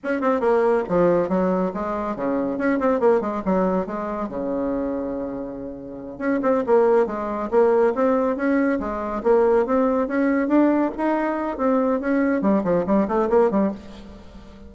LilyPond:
\new Staff \with { instrumentName = "bassoon" } { \time 4/4 \tempo 4 = 140 cis'8 c'8 ais4 f4 fis4 | gis4 cis4 cis'8 c'8 ais8 gis8 | fis4 gis4 cis2~ | cis2~ cis8 cis'8 c'8 ais8~ |
ais8 gis4 ais4 c'4 cis'8~ | cis'8 gis4 ais4 c'4 cis'8~ | cis'8 d'4 dis'4. c'4 | cis'4 g8 f8 g8 a8 ais8 g8 | }